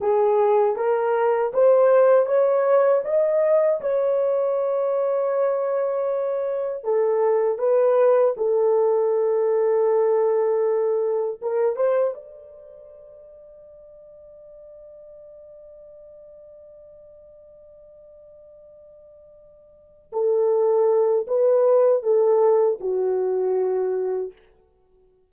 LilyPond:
\new Staff \with { instrumentName = "horn" } { \time 4/4 \tempo 4 = 79 gis'4 ais'4 c''4 cis''4 | dis''4 cis''2.~ | cis''4 a'4 b'4 a'4~ | a'2. ais'8 c''8 |
d''1~ | d''1~ | d''2~ d''8 a'4. | b'4 a'4 fis'2 | }